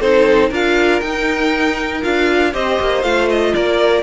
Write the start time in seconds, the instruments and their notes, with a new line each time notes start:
0.00 cello C4, viola D#4, violin A4 C5
0.49 cello D4, viola F4, violin A#4 F5
1.00 cello D#4, viola D#4, violin G5
2.02 cello D4, viola F4, violin F5
2.52 cello C4, viola G4, violin C5 D#5
2.80 cello A#3
3.03 cello A3, viola F4, violin F5
3.29 violin D#5
3.54 cello A#3, violin A#4 D5